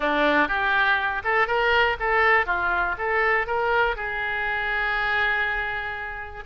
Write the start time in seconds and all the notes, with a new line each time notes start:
0.00 D4
0.48 G4
1.24 A4
1.47 A#4
1.99 A4
2.45 F4
2.98 A4
3.46 A#4
3.96 G#4